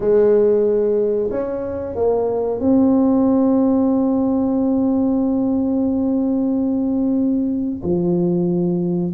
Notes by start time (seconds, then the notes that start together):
0.00 G#3
1.30 C#4
1.95 A#3
2.59 C4
7.83 F3